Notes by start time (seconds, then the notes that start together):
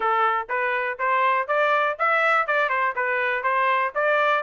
0.00 A4
0.49 B4
0.98 C5
1.47 D5
1.98 E5
2.47 D5
2.69 C5
2.95 B4
3.43 C5
3.95 D5